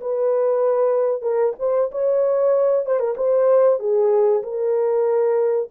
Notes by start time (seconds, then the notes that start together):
0.00 B4
1.21 A#4
1.59 C5
1.91 C#5
2.85 C5
2.99 A#4
3.17 C5
3.79 G#4
4.42 A#4